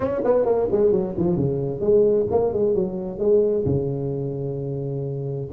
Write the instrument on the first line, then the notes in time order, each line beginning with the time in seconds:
tuba
0.00 C#4
0.24 B3
0.45 A#3
0.71 G#3
0.91 F#3
1.17 F3
1.36 C#3
1.80 G#3
2.30 A#3
2.53 G#3
2.74 F#3
3.18 G#3
3.65 C#3